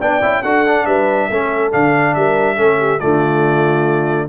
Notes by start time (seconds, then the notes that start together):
0.00 B3 D4 D5 G5
0.22 C#4 E4
0.43 D4 F#4 A4 F#5
0.67 D4
0.86 G3 B4 E5
1.30 A3 C#4 A4
1.72 D3 D4 F5
2.15 G3 A#4 E5
2.56 A3 C#4 A4
2.79 G4
2.99 D3 A3 F4 D5